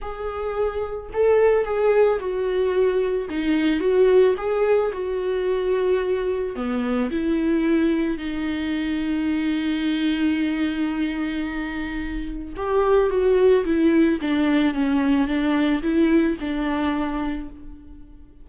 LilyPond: \new Staff \with { instrumentName = "viola" } { \time 4/4 \tempo 4 = 110 gis'2 a'4 gis'4 | fis'2 dis'4 fis'4 | gis'4 fis'2. | b4 e'2 dis'4~ |
dis'1~ | dis'2. g'4 | fis'4 e'4 d'4 cis'4 | d'4 e'4 d'2 | }